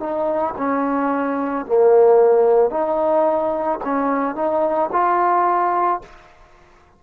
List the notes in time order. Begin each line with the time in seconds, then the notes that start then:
0.00 D#4
0.58 C#4
1.66 A#3
2.70 D#4
3.84 C#4
4.35 D#4
4.92 F4